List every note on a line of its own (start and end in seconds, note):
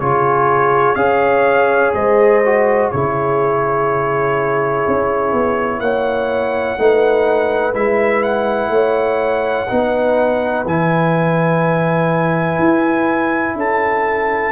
0.00 0.96 C#3
0.00 0.97 F4
0.00 0.97 G#4
0.00 0.95 C#5
0.95 1.93 C#4
0.95 2.42 G#4
0.95 1.95 C#5
0.95 1.92 F5
1.95 2.92 G#3
1.95 2.92 C5
1.95 2.91 D#5
2.46 2.94 F#4
2.91 4.87 C#3
2.91 6.79 E4
2.91 5.82 G#4
2.91 5.80 C#5
4.88 5.33 C#4
5.33 5.80 B3
5.80 6.77 A#3
5.80 6.78 C#5
5.80 7.74 F#5
6.79 7.75 A3
6.79 7.74 D#4
6.79 8.72 B4
7.74 8.70 G#3
7.74 9.68 E4
7.74 8.23 E5
8.23 10.65 F#5
8.70 9.66 A3
8.70 9.69 C#5
9.69 10.66 B3
9.69 10.66 D#4
9.69 13.57 B4
10.66 12.59 E3
10.66 14.52 E4
10.66 13.58 G#5
12.59 13.55 E4
13.55 14.52 C#4
13.55 14.52 A4
13.55 14.52 A5